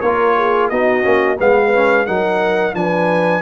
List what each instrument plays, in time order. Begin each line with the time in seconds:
0.00 tuba A#3, trombone F4, horn A#4, trumpet C#5
0.36 horn G#4
0.69 tuba B3, trombone D#4, horn F#4, trumpet D#5
1.03 tuba A#3, trombone C#4
1.39 tuba G#3, trombone B3, horn B4, trumpet F5
1.74 trombone C#4
2.06 tuba F#3, trombone D#4, horn A#4, trumpet F#5
2.74 tuba F3, trombone D4, horn B4, trumpet G#5